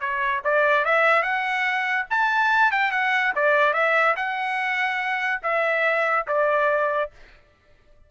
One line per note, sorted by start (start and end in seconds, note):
0.00 0.42 C#5
0.44 0.85 D5
0.85 1.22 E5
1.22 2.06 F#5
2.10 2.71 A5
2.71 2.91 G5
2.91 3.33 F#5
3.36 3.73 D5
3.73 4.15 E5
4.16 5.41 F#5
5.43 6.26 E5
6.27 7.11 D5